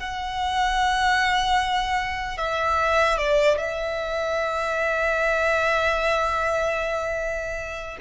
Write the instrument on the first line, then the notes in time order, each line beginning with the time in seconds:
violin
0.00 F#5
2.38 E5
3.18 D5
3.58 E5